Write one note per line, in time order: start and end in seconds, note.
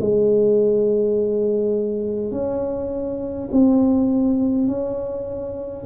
0.00 2.31 G#3
2.31 3.49 C#4
3.51 4.67 C4
4.67 5.85 C#4